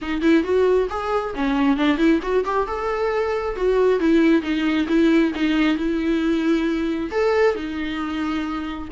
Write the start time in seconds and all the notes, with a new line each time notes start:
0.01 D#4
0.21 E4
0.43 F#4
0.89 G#4
1.34 C#4
1.76 D4
1.97 E4
2.22 F#4
2.44 G4
2.67 A4
3.56 F#4
3.99 E4
4.42 D#4
4.87 E4
5.34 D#4
5.77 E4
7.11 A4
7.55 D#4